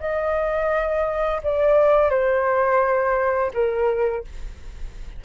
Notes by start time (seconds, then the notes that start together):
0.00 D#5
1.43 D5
2.10 C5
3.54 A#4